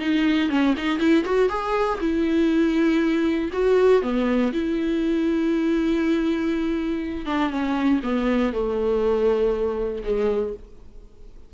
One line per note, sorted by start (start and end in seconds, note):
0.00 0.50 D#4
0.50 0.75 C#4
0.77 0.99 D#4
0.99 1.24 E4
1.25 1.49 F#4
1.49 1.99 G#4
2.01 3.51 E4
3.53 4.02 F#4
4.02 4.52 B3
4.53 7.26 E4
7.26 7.50 D4
7.50 8.00 C#4
8.03 8.53 B3
8.54 10.04 A3
10.04 10.54 G#3